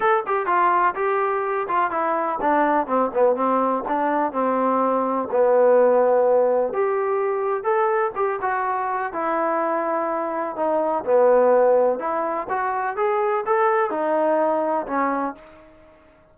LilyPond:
\new Staff \with { instrumentName = "trombone" } { \time 4/4 \tempo 4 = 125 a'8 g'8 f'4 g'4. f'8 | e'4 d'4 c'8 b8 c'4 | d'4 c'2 b4~ | b2 g'2 |
a'4 g'8 fis'4. e'4~ | e'2 dis'4 b4~ | b4 e'4 fis'4 gis'4 | a'4 dis'2 cis'4 | }